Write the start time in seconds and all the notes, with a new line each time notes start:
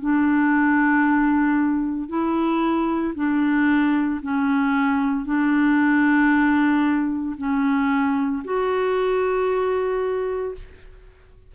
0.00 D4
2.09 E4
3.15 D4
4.22 C#4
5.25 D4
7.37 C#4
8.44 F#4